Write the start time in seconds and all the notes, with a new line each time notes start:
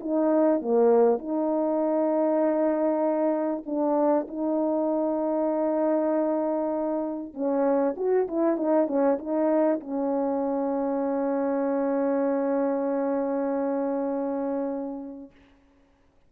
0.00 D#4
0.62 A#3
1.19 D#4
3.66 D4
4.28 D#4
7.34 C#4
7.97 F#4
8.28 E4
8.57 D#4
8.87 C#4
9.19 D#4
9.80 C#4